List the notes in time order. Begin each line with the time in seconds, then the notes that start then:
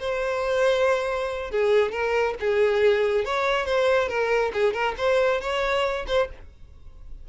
0.00 C5
1.51 G#4
1.92 A#4
2.40 G#4
3.25 C#5
3.66 C5
4.09 A#4
4.54 G#4
4.73 A#4
4.98 C5
5.41 C#5
6.07 C5